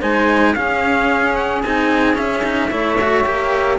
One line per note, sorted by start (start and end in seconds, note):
0.00 0.56 G#3
0.00 0.56 D#4
0.00 0.54 C5
0.00 0.54 G#5
0.54 1.63 C#4
0.54 1.64 C#4
0.54 2.70 G#4
0.54 1.35 F5
1.35 1.62 F#5
1.63 2.17 C4
1.63 2.15 D#4
1.63 2.17 G#5
2.15 2.42 C#4
2.15 2.71 C#4
2.15 3.79 E5
2.43 2.70 D#4
2.70 3.25 A3
2.70 2.98 E4
2.70 3.78 C#5
3.01 3.24 F#4
3.24 3.79 A#3
3.24 3.78 G4